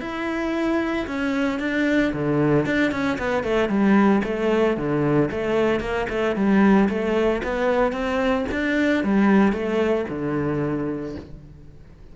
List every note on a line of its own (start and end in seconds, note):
0.00 1.06 E4
1.06 1.59 C#4
1.59 2.12 D4
2.13 2.65 D3
2.65 2.91 D4
2.91 3.17 C#4
3.18 3.43 B3
3.43 3.69 A3
3.69 4.22 G3
4.24 4.76 A3
4.76 5.30 D3
5.30 5.80 A3
5.80 6.06 A#3
6.09 6.35 A3
6.35 6.88 G3
6.89 7.42 A3
7.43 7.92 B3
7.92 8.45 C4
8.51 9.03 D4
9.03 9.52 G3
9.52 10.05 A3
10.09 11.15 D3